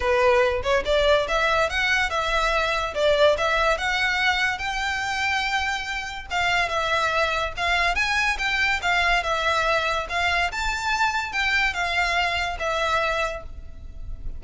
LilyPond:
\new Staff \with { instrumentName = "violin" } { \time 4/4 \tempo 4 = 143 b'4. cis''8 d''4 e''4 | fis''4 e''2 d''4 | e''4 fis''2 g''4~ | g''2. f''4 |
e''2 f''4 gis''4 | g''4 f''4 e''2 | f''4 a''2 g''4 | f''2 e''2 | }